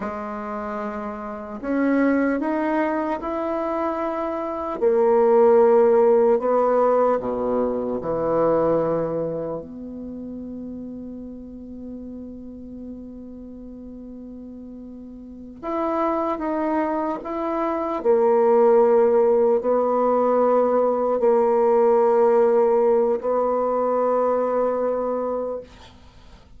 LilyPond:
\new Staff \with { instrumentName = "bassoon" } { \time 4/4 \tempo 4 = 75 gis2 cis'4 dis'4 | e'2 ais2 | b4 b,4 e2 | b1~ |
b2.~ b8 e'8~ | e'8 dis'4 e'4 ais4.~ | ais8 b2 ais4.~ | ais4 b2. | }